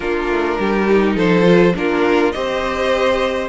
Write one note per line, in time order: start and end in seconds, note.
0.00 0.28 A#3
0.00 0.88 D4
0.00 0.58 F4
0.00 1.17 A#4
0.29 0.58 A3
0.59 1.15 G3
0.59 1.16 G4
0.89 1.43 D#4
1.15 1.73 F3
1.15 1.74 A4
1.15 1.75 C5
1.43 1.72 F4
1.75 2.34 A#3
1.75 2.33 D4
1.75 2.34 F4
1.75 2.32 A#4
2.32 3.48 C4
2.32 3.48 G4
2.32 3.48 C5
2.32 3.48 D#5